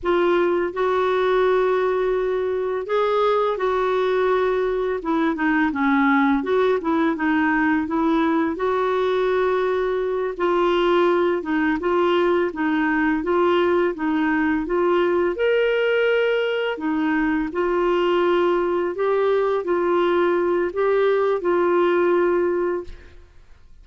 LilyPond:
\new Staff \with { instrumentName = "clarinet" } { \time 4/4 \tempo 4 = 84 f'4 fis'2. | gis'4 fis'2 e'8 dis'8 | cis'4 fis'8 e'8 dis'4 e'4 | fis'2~ fis'8 f'4. |
dis'8 f'4 dis'4 f'4 dis'8~ | dis'8 f'4 ais'2 dis'8~ | dis'8 f'2 g'4 f'8~ | f'4 g'4 f'2 | }